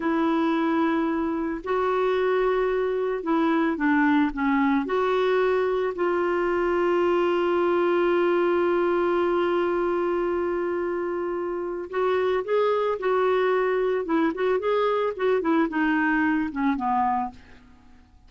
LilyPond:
\new Staff \with { instrumentName = "clarinet" } { \time 4/4 \tempo 4 = 111 e'2. fis'4~ | fis'2 e'4 d'4 | cis'4 fis'2 f'4~ | f'1~ |
f'1~ | f'2 fis'4 gis'4 | fis'2 e'8 fis'8 gis'4 | fis'8 e'8 dis'4. cis'8 b4 | }